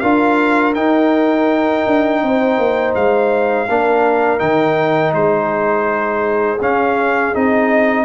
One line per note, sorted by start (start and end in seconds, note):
0.00 0.75 D4
0.00 0.75 F4
0.00 2.21 A#4
0.00 0.73 F5
0.75 1.85 D#4
0.75 3.68 D#4
0.75 2.94 G5
1.87 2.23 D4
2.23 2.58 C4
2.23 3.69 C5
2.58 2.95 A#3
2.95 3.68 G#3
2.95 4.39 F5
3.68 4.41 A#3
3.68 4.39 D4
3.68 5.15 A#4
4.39 5.13 D#3
4.39 6.58 D#4
4.39 5.13 G5
5.13 6.59 G#3
5.13 8.05 G#4
5.13 6.61 C5
6.61 7.34 C#4
6.61 7.35 F5
7.34 8.05 C4
7.34 8.05 D#4
7.34 8.05 D#5